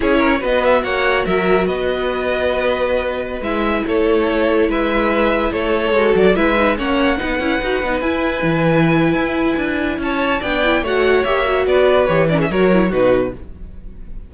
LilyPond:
<<
  \new Staff \with { instrumentName = "violin" } { \time 4/4 \tempo 4 = 144 cis''4 dis''8 e''8 fis''4 e''4 | dis''1~ | dis''16 e''4 cis''2 e''8.~ | e''4~ e''16 cis''4. d''8 e''8.~ |
e''16 fis''2. gis''8.~ | gis''1 | a''4 g''4 fis''4 e''4 | d''4 cis''8 d''16 e''16 cis''4 b'4 | }
  \new Staff \with { instrumentName = "violin" } { \time 4/4 gis'8 ais'8 b'4 cis''4 ais'4 | b'1~ | b'4~ b'16 a'2 b'8.~ | b'4~ b'16 a'2 b'8.~ |
b'16 cis''4 b'2~ b'8.~ | b'1 | cis''4 d''4 cis''2 | b'4. ais'16 gis'16 ais'4 fis'4 | }
  \new Staff \with { instrumentName = "viola" } { \time 4/4 e'4 fis'2.~ | fis'1~ | fis'16 e'2.~ e'8.~ | e'2~ e'16 fis'4 e'8 dis'16~ |
dis'16 cis'4 dis'8 e'8 fis'8 dis'8 e'8.~ | e'1~ | e'4 d'8 e'8 fis'4 g'8 fis'8~ | fis'4 g'8 cis'8 fis'8 e'8 dis'4 | }
  \new Staff \with { instrumentName = "cello" } { \time 4/4 cis'4 b4 ais4 fis4 | b1~ | b16 gis4 a2 gis8.~ | gis4~ gis16 a4 gis8 fis8 gis8.~ |
gis16 ais4 b8 cis'8 dis'8 b8 e'8.~ | e'16 e4.~ e16 e'4 d'4 | cis'4 b4 a4 ais4 | b4 e4 fis4 b,4 | }
>>